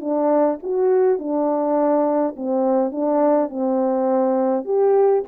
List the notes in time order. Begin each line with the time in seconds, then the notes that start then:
0.00 D4
0.62 F#4
1.19 D4
2.36 C4
2.91 D4
3.50 C4
4.64 G4